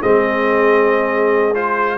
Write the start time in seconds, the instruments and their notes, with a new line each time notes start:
0.00 tuba G#3, trombone C4, horn G#4, trumpet D#5
1.54 trombone F4, trumpet C5